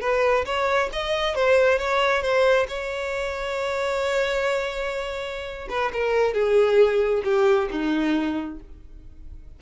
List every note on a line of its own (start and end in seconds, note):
0.00 0.44 B4
0.45 0.89 C#5
0.92 1.35 D#5
1.35 1.78 C5
1.78 2.22 C#5
2.22 2.66 C5
2.68 5.68 C#5
5.69 5.91 B4
5.93 6.33 A#4
6.33 7.22 G#4
7.24 7.68 G4
7.71 8.59 D#4